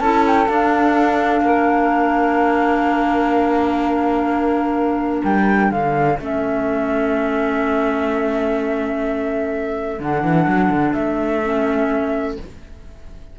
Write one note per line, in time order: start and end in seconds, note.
0.00 0.48 C#4
0.00 0.46 E4
0.00 1.43 A4
0.00 0.24 A5
0.27 0.48 G5
0.46 6.18 D4
0.46 1.41 D4
0.46 5.24 F5
1.41 5.22 A#3
1.41 5.72 A#4
5.24 5.71 G3
5.24 5.71 G5
5.71 6.19 D3
5.71 12.39 A4
5.71 6.19 F5
6.20 10.00 A3
6.20 10.00 C#4
6.20 10.02 E5
10.00 10.23 D3
10.00 11.43 D4
10.00 10.94 F#5
10.24 10.47 E3
10.48 10.70 F#3
10.70 10.94 D3
10.94 12.37 A3
10.94 12.37 E5
11.43 12.38 C#4